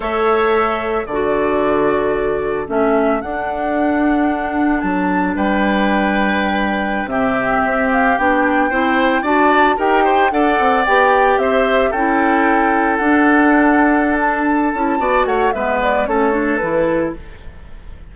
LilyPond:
<<
  \new Staff \with { instrumentName = "flute" } { \time 4/4 \tempo 4 = 112 e''2 d''2~ | d''4 e''4 fis''2~ | fis''4 a''4 g''2~ | g''4~ g''16 e''4. f''8 g''8.~ |
g''4~ g''16 a''4 g''4 fis''8.~ | fis''16 g''4 e''4 g''4.~ g''16~ | g''16 fis''2~ fis''16 a''4.~ | a''8 fis''8 e''8 d''8 cis''4 b'4 | }
  \new Staff \with { instrumentName = "oboe" } { \time 4/4 cis''2 a'2~ | a'1~ | a'2 b'2~ | b'4~ b'16 g'2~ g'8.~ |
g'16 c''4 d''4 ais'8 c''8 d''8.~ | d''4~ d''16 c''4 a'4.~ a'16~ | a'1 | d''8 cis''8 b'4 a'2 | }
  \new Staff \with { instrumentName = "clarinet" } { \time 4/4 a'2 fis'2~ | fis'4 cis'4 d'2~ | d'1~ | d'4~ d'16 c'2 d'8.~ |
d'16 e'4 fis'4 g'4 a'8.~ | a'16 g'2 e'4.~ e'16~ | e'16 d'2.~ d'16 e'8 | fis'4 b4 cis'8 d'8 e'4 | }
  \new Staff \with { instrumentName = "bassoon" } { \time 4/4 a2 d2~ | d4 a4 d'2~ | d'4 fis4 g2~ | g4~ g16 c4 c'4 b8.~ |
b16 c'4 d'4 dis'4 d'8 c'16~ | c'16 b4 c'4 cis'4.~ cis'16~ | cis'16 d'2.~ d'16 cis'8 | b8 a8 gis4 a4 e4 | }
>>